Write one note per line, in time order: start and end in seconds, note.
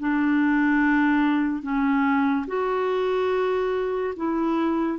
0.00 1.63 D4
1.63 2.46 C#4
2.48 4.14 F#4
4.17 4.99 E4